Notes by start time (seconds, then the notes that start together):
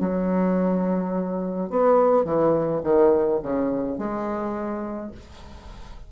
0.00 F#3
1.70 B3
2.25 E3
2.84 D#3
3.42 C#3
3.98 G#3